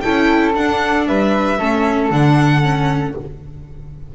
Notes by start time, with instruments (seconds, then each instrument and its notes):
0.00 double bass C#4, viola E4, flute A4, violin G5
0.54 viola D4, double bass D4, violin F#5
1.07 double bass G3, flute B4, violin E5
1.58 double bass A3, viola C#4, flute A4
2.10 double bass D3, viola D4, violin F#5
2.62 viola C#4